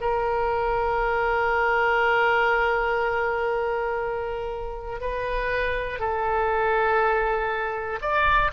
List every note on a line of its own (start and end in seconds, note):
0.00 5.00 A#4
5.00 5.99 B4
5.99 7.99 A4
8.01 8.51 D5